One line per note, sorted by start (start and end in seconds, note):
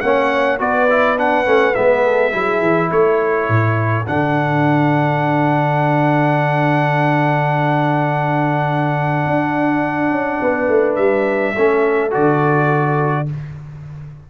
0.00 0.60 A#3
0.00 0.58 C#4
0.00 0.59 C#5
0.00 0.58 F#5
0.58 1.46 B3
0.58 0.87 F#4
0.58 2.03 B4
0.58 1.18 D5
0.89 1.17 E4
1.17 1.45 D4
1.17 1.74 F#5
1.45 1.75 A3
1.45 1.74 C#4
1.74 2.33 G#3
1.74 2.32 B3
1.74 2.90 E5
2.03 2.32 A4
2.32 2.61 F#3
2.32 4.05 E4
2.32 2.89 G#4
2.61 2.90 E3
2.89 3.48 A3
2.89 10.39 A4
2.89 4.06 C#5
3.48 4.06 A2
4.06 9.25 D3
4.06 11.56 D4
4.06 10.95 F#5
9.25 10.10 D4
10.10 10.39 C#4
10.40 10.68 B3
10.40 11.54 B4
10.68 10.97 A3
10.95 11.55 G3
10.95 12.10 E5
11.54 12.15 A3
11.54 12.10 C#4
11.54 13.27 A4
12.10 13.30 D3
12.10 13.25 F#4
12.10 13.28 D5